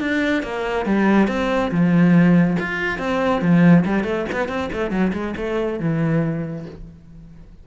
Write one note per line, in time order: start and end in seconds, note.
0.00 0.43 D4
0.43 0.86 A#3
0.86 1.28 G3
1.28 1.71 C4
1.71 2.57 F3
2.60 2.99 F4
2.99 3.42 C4
3.42 3.85 F3
3.85 4.04 G3
4.04 4.25 A3
4.33 4.48 B3
4.48 4.70 C4
4.73 4.91 A3
4.91 5.12 F#3
5.13 5.35 G#3
5.37 5.80 A3
5.80 6.66 E3